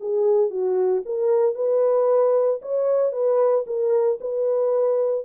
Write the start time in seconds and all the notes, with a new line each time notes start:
0.00 G#4
0.50 F#4
1.05 A#4
1.55 B4
2.61 C#5
3.12 B4
3.66 A#4
4.20 B4